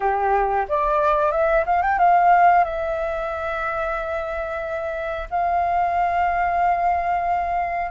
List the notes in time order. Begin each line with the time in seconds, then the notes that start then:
0.00 G4
0.68 D5
1.31 E5
1.66 F5
1.82 G5
1.98 F5
2.64 E5
5.30 F5